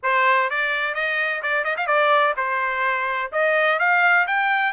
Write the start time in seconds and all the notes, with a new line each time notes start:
0.02 C5
0.50 D5
0.94 D#5
1.42 D5
1.64 D#5
1.77 F5
1.86 D5
2.36 C5
3.32 D#5
3.79 F5
4.27 G5